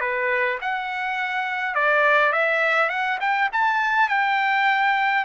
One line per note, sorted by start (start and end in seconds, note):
0.00 0.58 B4
0.61 1.75 F#5
1.75 2.32 D5
2.32 2.89 E5
2.89 3.18 F#5
3.20 3.49 G5
3.52 4.09 A5
4.09 5.25 G5